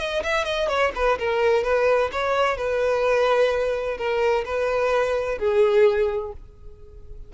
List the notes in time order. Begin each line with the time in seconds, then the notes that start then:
0.00 D#5
0.24 E5
0.45 D#5
0.69 C#5
0.95 B4
1.19 A#4
1.64 B4
2.12 C#5
2.58 B4
3.98 A#4
4.46 B4
5.39 G#4